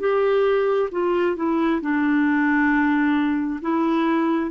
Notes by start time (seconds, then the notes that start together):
0.00 G4
0.92 F4
1.36 E4
1.81 D4
3.61 E4